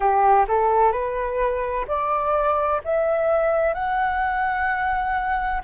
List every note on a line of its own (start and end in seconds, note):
0.00 0.45 G4
0.48 0.92 A4
0.92 1.85 B4
1.87 2.81 D5
2.84 3.74 E5
3.74 5.61 F#5